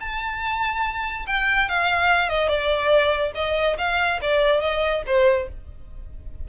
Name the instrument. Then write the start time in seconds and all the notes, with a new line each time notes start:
violin
0.00 A5
1.27 G5
1.69 F5
2.29 D#5
2.48 D5
3.35 D#5
3.78 F5
4.21 D5
4.61 D#5
5.07 C5